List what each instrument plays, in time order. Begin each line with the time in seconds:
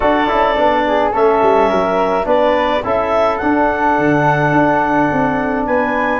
0.00 tuba D4, trombone F#4, flute A4, clarinet D5
0.27 tuba C#4, trombone E4
0.56 tuba B3, trombone D4
0.86 flute G#4
1.12 tuba A3, trombone C#4, flute A4, clarinet E5
1.42 tuba G3
1.68 tuba F#3, flute A#4
2.23 tuba B3, trombone D4, flute B4, clarinet D5
2.83 tuba C#4, trombone E4, flute A4, clarinet E5
3.37 trombone D4, tuba D4, clarinet F#5
3.98 tuba D3
4.52 tuba D4
5.12 tuba C4
5.66 tuba B3, flute B4, clarinet G#5